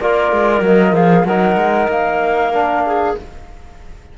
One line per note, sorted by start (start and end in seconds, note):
0.00 0.32 A#3
0.00 0.63 F4
0.00 0.94 A#4
0.00 0.63 D5
0.32 0.61 G#3
0.61 0.92 F#3
0.61 1.26 A#3
0.61 0.94 D#5
0.92 1.24 F3
0.92 1.25 G#4
0.92 1.25 F5
1.25 1.56 F#3
1.25 2.53 D#4
1.25 2.83 A#4
1.25 1.88 F#5
1.56 1.87 G#3
1.88 3.14 A#3
1.88 3.17 F5
2.53 3.16 D4
2.86 3.17 G#4